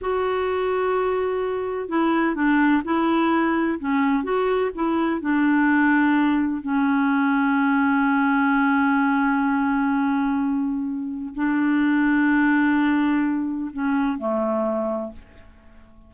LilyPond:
\new Staff \with { instrumentName = "clarinet" } { \time 4/4 \tempo 4 = 127 fis'1 | e'4 d'4 e'2 | cis'4 fis'4 e'4 d'4~ | d'2 cis'2~ |
cis'1~ | cis'1 | d'1~ | d'4 cis'4 a2 | }